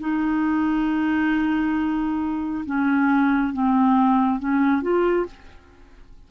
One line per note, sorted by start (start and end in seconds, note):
0.00 2.65 D#4
2.66 3.53 C#4
3.53 4.40 C4
4.40 4.82 C#4
4.82 5.26 F4